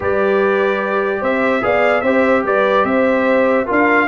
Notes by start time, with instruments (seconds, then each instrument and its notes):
0.00 tuba G3, trombone G4, horn B4, trumpet D5
1.20 tuba C4, horn C5, trumpet E5
1.61 tuba B3, trombone G#4, horn D5, trumpet F5
2.01 tuba C4, trombone G4, horn C5, trumpet E5
2.43 tuba G3, horn B4, trumpet D5
2.84 tuba C4, horn C5, trumpet E5
3.66 tuba D4, trombone F4, horn A#4, trumpet F5